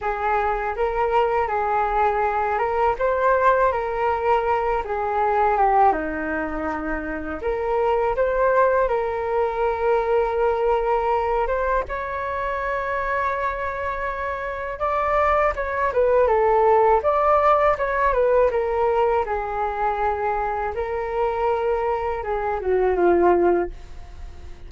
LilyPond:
\new Staff \with { instrumentName = "flute" } { \time 4/4 \tempo 4 = 81 gis'4 ais'4 gis'4. ais'8 | c''4 ais'4. gis'4 g'8 | dis'2 ais'4 c''4 | ais'2.~ ais'8 c''8 |
cis''1 | d''4 cis''8 b'8 a'4 d''4 | cis''8 b'8 ais'4 gis'2 | ais'2 gis'8 fis'8 f'4 | }